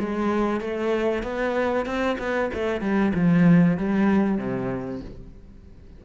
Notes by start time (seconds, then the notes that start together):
0.00 G#3
0.61 A3
1.23 B3
1.86 C4
2.19 B3
2.54 A3
2.82 G3
3.15 F3
3.78 G3
4.38 C3